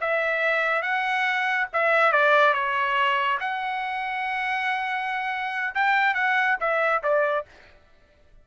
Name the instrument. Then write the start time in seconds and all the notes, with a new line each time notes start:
trumpet
0.00 E5
0.82 F#5
1.73 E5
2.12 D5
2.53 C#5
3.40 F#5
5.74 G5
6.14 F#5
6.60 E5
7.03 D5